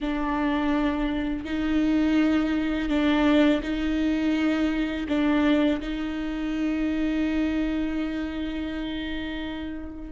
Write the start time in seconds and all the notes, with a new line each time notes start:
0.00 D4
1.45 D#4
2.89 D4
3.62 D#4
5.08 D4
5.81 D#4